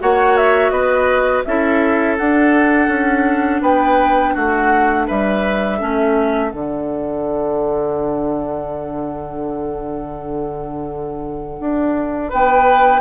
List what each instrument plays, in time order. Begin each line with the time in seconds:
0.00 bassoon A#3, clarinet F#4, oboe C#5, flute F#5
0.37 flute E5
0.70 bassoon B3, oboe B4, flute D#5
1.45 bassoon C#4, clarinet E4, oboe A4, flute E5
2.18 clarinet D4, bassoon D4, flute F#5
2.88 bassoon C#4
3.62 bassoon B3, oboe B4, flute G5
4.34 bassoon A3, oboe F#4, flute F#5
5.07 bassoon G3, oboe B4, flute E5
5.78 bassoon A3, clarinet C#4, oboe A4
6.51 bassoon D3, clarinet D4, flute F#5
11.61 bassoon D4
12.30 bassoon B3, oboe B4, flute G5